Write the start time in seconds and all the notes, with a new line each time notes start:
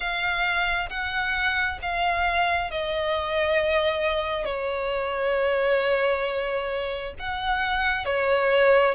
0.00 F5
0.89 F#5
1.82 F5
2.70 D#5
4.45 C#5
7.19 F#5
8.05 C#5